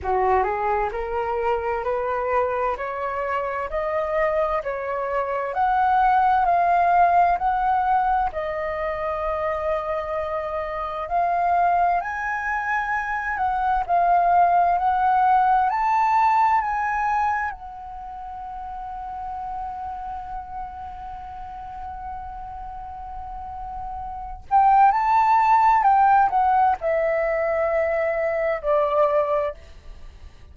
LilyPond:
\new Staff \with { instrumentName = "flute" } { \time 4/4 \tempo 4 = 65 fis'8 gis'8 ais'4 b'4 cis''4 | dis''4 cis''4 fis''4 f''4 | fis''4 dis''2. | f''4 gis''4. fis''8 f''4 |
fis''4 a''4 gis''4 fis''4~ | fis''1~ | fis''2~ fis''8 g''8 a''4 | g''8 fis''8 e''2 d''4 | }